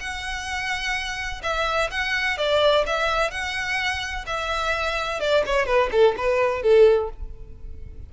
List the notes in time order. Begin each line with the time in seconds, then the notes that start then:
0.00 F#5
1.43 E5
1.91 F#5
2.38 D5
2.86 E5
3.31 F#5
4.26 E5
5.20 D5
5.46 C#5
5.66 B4
5.92 A4
6.17 B4
6.62 A4